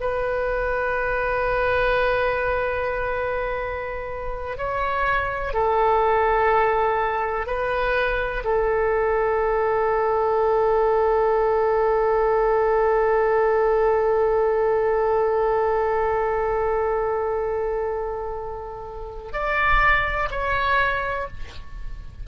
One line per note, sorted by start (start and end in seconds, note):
0.00 4.57 B4
4.57 5.53 C#5
5.53 7.46 A4
7.46 8.43 B4
8.44 19.32 A4
19.32 20.29 D5
20.30 21.27 C#5